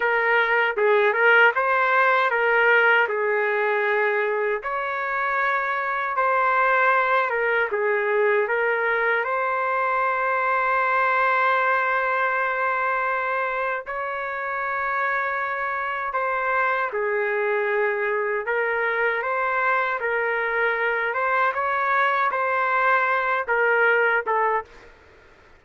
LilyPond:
\new Staff \with { instrumentName = "trumpet" } { \time 4/4 \tempo 4 = 78 ais'4 gis'8 ais'8 c''4 ais'4 | gis'2 cis''2 | c''4. ais'8 gis'4 ais'4 | c''1~ |
c''2 cis''2~ | cis''4 c''4 gis'2 | ais'4 c''4 ais'4. c''8 | cis''4 c''4. ais'4 a'8 | }